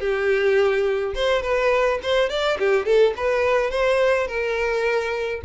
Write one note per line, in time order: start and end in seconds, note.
0.00 1.14 G4
1.15 1.42 C5
1.42 1.99 B4
2.03 2.29 C5
2.29 2.58 D5
2.59 2.85 G4
2.85 3.14 A4
3.17 3.71 B4
3.71 4.28 C5
4.28 5.42 A#4